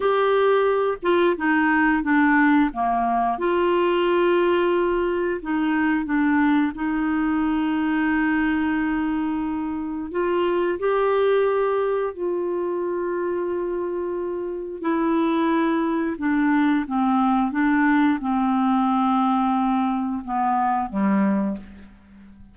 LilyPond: \new Staff \with { instrumentName = "clarinet" } { \time 4/4 \tempo 4 = 89 g'4. f'8 dis'4 d'4 | ais4 f'2. | dis'4 d'4 dis'2~ | dis'2. f'4 |
g'2 f'2~ | f'2 e'2 | d'4 c'4 d'4 c'4~ | c'2 b4 g4 | }